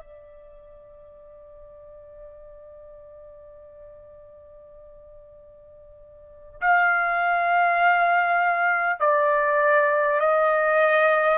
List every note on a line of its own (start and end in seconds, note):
0.00 6.60 D5
6.61 9.00 F5
9.00 10.19 D5
10.19 11.37 D#5